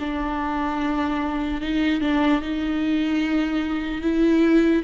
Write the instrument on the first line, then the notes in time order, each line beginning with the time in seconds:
viola
0.00 D4
1.61 D#4
2.01 D4
2.42 D#4
4.02 E4